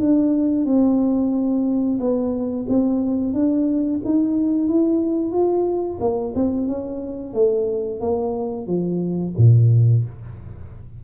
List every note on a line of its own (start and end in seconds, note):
0.00 0.65 D4
0.65 1.99 C4
2.00 2.66 B3
2.69 3.34 C4
3.34 4.00 D4
4.05 4.68 D#4
4.68 5.32 E4
5.32 5.99 F4
6.00 6.34 A#3
6.35 6.67 C4
6.67 7.34 C#4
7.34 8.00 A3
8.00 8.67 A#3
8.67 9.34 F3
9.38 10.04 A#2